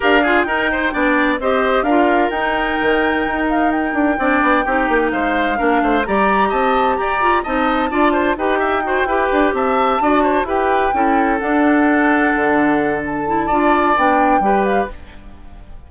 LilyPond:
<<
  \new Staff \with { instrumentName = "flute" } { \time 4/4 \tempo 4 = 129 f''4 g''2 dis''4 | f''4 g''2~ g''8 f''8 | g''2. f''4~ | f''4 ais''4 a''4 ais''4 |
a''2 g''2~ | g''8 a''2 g''4.~ | g''8 fis''2.~ fis''8 | a''2 g''4. f''8 | }
  \new Staff \with { instrumentName = "oboe" } { \time 4/4 ais'8 gis'8 ais'8 c''8 d''4 c''4 | ais'1~ | ais'4 d''4 g'4 c''4 | ais'8 c''8 d''4 dis''4 d''4 |
dis''4 d''8 c''8 b'8 e''8 c''8 b'8~ | b'8 e''4 d''8 c''8 b'4 a'8~ | a'1~ | a'4 d''2 b'4 | }
  \new Staff \with { instrumentName = "clarinet" } { \time 4/4 g'8 f'8 dis'4 d'4 g'4 | f'4 dis'2.~ | dis'4 d'4 dis'2 | d'4 g'2~ g'8 f'8 |
dis'4 f'4 g'4 fis'8 g'8~ | g'4. fis'4 g'4 e'8~ | e'8 d'2.~ d'8~ | d'8 e'8 f'4 d'4 g'4 | }
  \new Staff \with { instrumentName = "bassoon" } { \time 4/4 d'4 dis'4 b4 c'4 | d'4 dis'4 dis4 dis'4~ | dis'8 d'8 c'8 b8 c'8 ais8 gis4 | ais8 a8 g4 c'4 g'4 |
c'4 d'4 dis'4. e'8 | d'8 c'4 d'4 e'4 cis'8~ | cis'8 d'2 d4.~ | d4 d'4 b4 g4 | }
>>